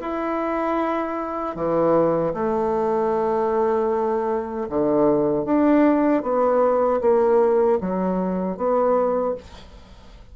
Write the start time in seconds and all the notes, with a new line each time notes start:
0.00 E4
1.55 E3
2.33 A3
4.69 D3
5.45 D4
6.23 B3
7.01 A#3
7.80 F#3
8.57 B3